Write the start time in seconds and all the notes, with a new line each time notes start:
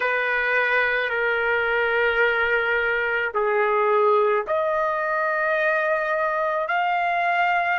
0.00 B4
1.09 A#4
3.33 G#4
4.47 D#5
6.68 F5